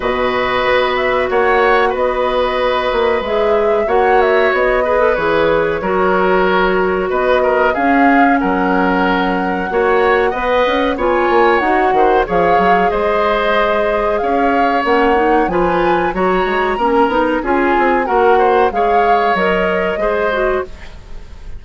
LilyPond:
<<
  \new Staff \with { instrumentName = "flute" } { \time 4/4 \tempo 4 = 93 dis''4. e''8 fis''4 dis''4~ | dis''4 e''4 fis''8 e''8 dis''4 | cis''2. dis''4 | f''4 fis''2.~ |
fis''4 gis''4 fis''4 f''4 | dis''2 f''4 fis''4 | gis''4 ais''2 gis''4 | fis''4 f''4 dis''2 | }
  \new Staff \with { instrumentName = "oboe" } { \time 4/4 b'2 cis''4 b'4~ | b'2 cis''4. b'8~ | b'4 ais'2 b'8 ais'8 | gis'4 ais'2 cis''4 |
dis''4 cis''4. c''8 cis''4 | c''2 cis''2 | b'4 cis''4 ais'4 gis'4 | ais'8 c''8 cis''2 c''4 | }
  \new Staff \with { instrumentName = "clarinet" } { \time 4/4 fis'1~ | fis'4 gis'4 fis'4. gis'16 a'16 | gis'4 fis'2. | cis'2. fis'4 |
b'4 f'4 fis'4 gis'4~ | gis'2. cis'8 dis'8 | f'4 fis'4 cis'8 dis'8 f'4 | fis'4 gis'4 ais'4 gis'8 fis'8 | }
  \new Staff \with { instrumentName = "bassoon" } { \time 4/4 b,4 b4 ais4 b4~ | b8 ais8 gis4 ais4 b4 | e4 fis2 b4 | cis'4 fis2 ais4 |
b8 cis'8 b8 ais8 dis'8 dis8 f8 fis8 | gis2 cis'4 ais4 | f4 fis8 gis8 ais8 b8 cis'8 c'8 | ais4 gis4 fis4 gis4 | }
>>